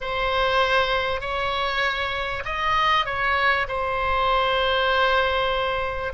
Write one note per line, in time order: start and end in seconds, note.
0.00 1.21 C5
1.21 2.43 C#5
2.44 3.05 D#5
3.05 3.67 C#5
3.68 6.13 C5